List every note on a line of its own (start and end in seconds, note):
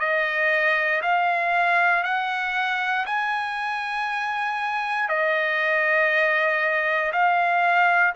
0.00 1.02 D#5
1.02 2.04 F5
2.04 3.06 F#5
3.06 5.08 G#5
5.08 7.12 D#5
7.12 8.14 F5